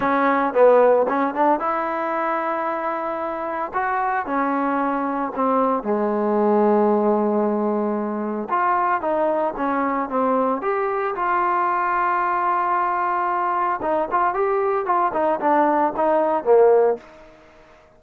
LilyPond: \new Staff \with { instrumentName = "trombone" } { \time 4/4 \tempo 4 = 113 cis'4 b4 cis'8 d'8 e'4~ | e'2. fis'4 | cis'2 c'4 gis4~ | gis1 |
f'4 dis'4 cis'4 c'4 | g'4 f'2.~ | f'2 dis'8 f'8 g'4 | f'8 dis'8 d'4 dis'4 ais4 | }